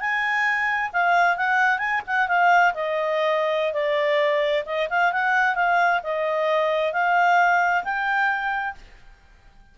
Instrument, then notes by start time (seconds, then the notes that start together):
clarinet
0.00 G#5
0.93 F5
1.37 F#5
1.78 G#5
2.07 F#5
2.28 F5
2.74 D#5
3.73 D5
4.66 D#5
4.90 F5
5.13 F#5
5.55 F5
6.03 D#5
6.93 F5
7.84 G5